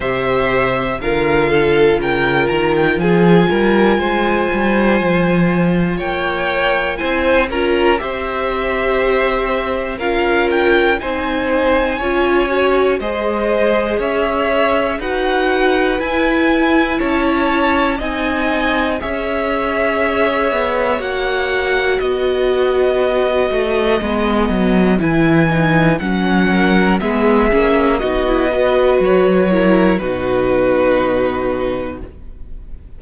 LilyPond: <<
  \new Staff \with { instrumentName = "violin" } { \time 4/4 \tempo 4 = 60 e''4 f''4 g''8 ais''16 g''16 gis''4~ | gis''2 g''4 gis''8 ais''8 | e''2 f''8 g''8 gis''4~ | gis''4 dis''4 e''4 fis''4 |
gis''4 a''4 gis''4 e''4~ | e''4 fis''4 dis''2~ | dis''4 gis''4 fis''4 e''4 | dis''4 cis''4 b'2 | }
  \new Staff \with { instrumentName = "violin" } { \time 4/4 c''4 ais'8 a'8 ais'4 gis'8 ais'8 | c''2 cis''4 c''8 ais'8 | c''2 ais'4 c''4 | cis''4 c''4 cis''4 b'4~ |
b'4 cis''4 dis''4 cis''4~ | cis''2 b'2~ | b'2~ b'8 ais'8 gis'4 | fis'8 b'4 ais'8 fis'2 | }
  \new Staff \with { instrumentName = "viola" } { \time 4/4 g'4 f'2.~ | f'2. e'8 f'8 | g'2 f'4 dis'4 | f'8 fis'8 gis'2 fis'4 |
e'2 dis'4 gis'4~ | gis'4 fis'2. | b4 e'8 dis'8 cis'4 b8 cis'8 | dis'16 e'16 fis'4 e'8 dis'2 | }
  \new Staff \with { instrumentName = "cello" } { \time 4/4 c4 d4 cis8 dis8 f8 g8 | gis8 g8 f4 ais4 c'8 cis'8 | c'2 cis'4 c'4 | cis'4 gis4 cis'4 dis'4 |
e'4 cis'4 c'4 cis'4~ | cis'8 b8 ais4 b4. a8 | gis8 fis8 e4 fis4 gis8 ais8 | b4 fis4 b,2 | }
>>